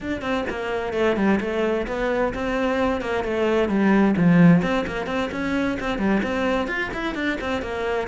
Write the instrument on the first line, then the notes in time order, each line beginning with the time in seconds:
cello
0.00 D4
0.21 C4
0.49 A#3
0.93 A3
1.16 G3
1.40 A3
1.87 B3
2.34 C4
3.01 A#3
3.24 A3
3.68 G3
4.16 F3
4.62 C4
4.86 A#3
5.06 C4
5.31 C#4
5.79 C4
5.98 G3
6.23 C4
6.67 F4
6.93 E4
7.15 D4
7.40 C4
7.62 A#3